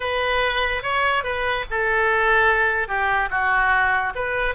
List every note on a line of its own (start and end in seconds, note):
0.00 0.83 B4
0.83 1.23 C#5
1.23 1.65 B4
1.70 2.88 A4
2.88 3.29 G4
3.30 4.13 F#4
4.15 4.54 B4